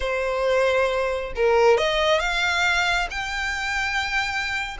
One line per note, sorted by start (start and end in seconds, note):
0.00 1.33 C5
1.35 1.77 A#4
1.77 2.19 D#5
2.19 3.08 F5
3.10 4.77 G5